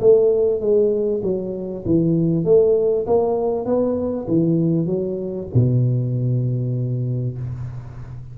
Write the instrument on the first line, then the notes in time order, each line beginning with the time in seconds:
tuba
0.00 A3
0.61 G#3
1.23 F#3
1.85 E3
2.45 A3
3.07 A#3
3.65 B3
4.28 E3
4.86 F#3
5.54 B2